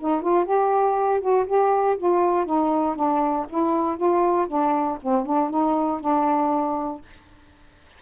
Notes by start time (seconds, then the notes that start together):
0.00 D#4
0.22 F4
0.45 G4
1.21 F#4
1.47 G4
1.98 F4
2.46 D#4
2.96 D4
3.50 E4
3.97 F4
4.48 D4
5.03 C4
5.26 D4
5.50 D#4
6.01 D4